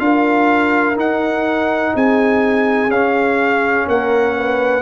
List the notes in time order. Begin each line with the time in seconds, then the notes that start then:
0.00 D4 F4 A#4 F5
0.96 D#4 F#5
1.95 C4 G#4 G#5
2.89 C#4 F5
3.88 A#3 A#4 F#5
4.37 B4